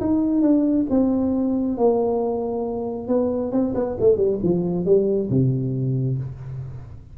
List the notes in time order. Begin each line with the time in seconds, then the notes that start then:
0.00 D#4
0.42 D4
0.89 C4
1.77 A#3
3.08 B3
3.52 C4
3.74 B3
4.00 A3
4.17 G3
4.43 F3
4.85 G3
5.29 C3